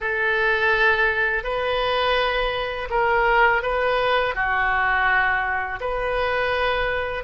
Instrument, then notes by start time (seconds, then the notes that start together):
oboe
0.00 A4
1.43 B4
2.89 A#4
3.62 B4
4.34 F#4
5.80 B4